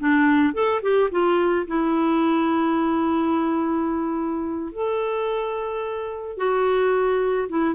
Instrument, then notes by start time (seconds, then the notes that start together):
clarinet
0.00 D4
0.54 A4
0.82 G4
1.11 F4
1.67 E4
4.72 A4
6.38 F#4
7.49 E4